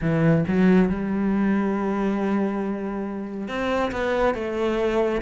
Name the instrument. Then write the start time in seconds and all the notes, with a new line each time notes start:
cello
0.01 E3
0.47 F#3
0.89 G3
3.47 C4
3.91 B3
4.34 A3